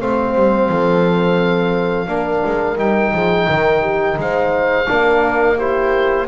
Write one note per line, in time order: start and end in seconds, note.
0.00 0.35 A3
0.00 2.07 C4
0.00 0.70 C5
0.00 2.79 F5
0.35 0.69 G3
0.69 2.08 F3
0.69 2.10 A4
2.07 2.43 A#3
2.07 2.77 D4
2.07 3.14 A#4
2.46 2.78 G#3
2.77 3.13 G3
2.77 4.86 D#4
2.77 4.19 G5
3.14 3.48 F3
3.14 3.48 G#4
3.48 4.18 D#3
3.48 3.81 A#4
3.81 4.16 G4
4.18 4.87 G#3
4.18 4.89 C5
4.18 5.59 F5
4.88 6.28 A#3
4.88 5.58 D4
4.88 5.58 A#4
5.58 6.28 E4
5.58 6.27 G4
5.58 6.28 C5